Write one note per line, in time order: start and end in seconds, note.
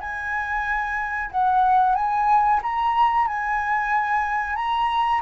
0.00 1.30 G#5
1.31 1.95 F#5
1.95 2.60 G#5
2.63 3.28 A#5
3.28 4.56 G#5
4.56 5.21 A#5